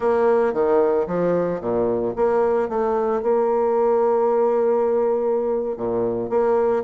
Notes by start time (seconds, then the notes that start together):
0.00 A#3
0.53 D#3
1.07 F3
1.60 A#2
2.16 A#3
2.68 A3
3.22 A#3
5.76 A#2
6.29 A#3